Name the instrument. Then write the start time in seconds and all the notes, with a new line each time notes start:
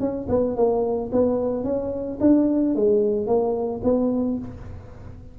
tuba
0.00 C#4
0.29 B3
0.56 A#3
1.12 B3
1.64 C#4
2.20 D4
2.75 G#3
3.27 A#3
3.84 B3